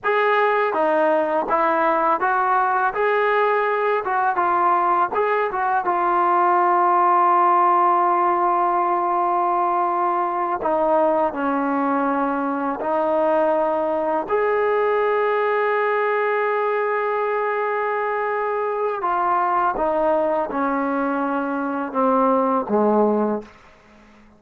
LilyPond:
\new Staff \with { instrumentName = "trombone" } { \time 4/4 \tempo 4 = 82 gis'4 dis'4 e'4 fis'4 | gis'4. fis'8 f'4 gis'8 fis'8 | f'1~ | f'2~ f'8 dis'4 cis'8~ |
cis'4. dis'2 gis'8~ | gis'1~ | gis'2 f'4 dis'4 | cis'2 c'4 gis4 | }